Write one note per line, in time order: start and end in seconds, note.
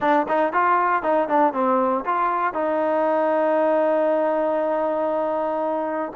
0.00 0.26 D4
0.28 0.52 D#4
0.52 1.02 F4
1.02 1.28 D#4
1.28 1.53 D4
1.53 2.04 C4
2.05 2.53 F4
2.53 6.12 D#4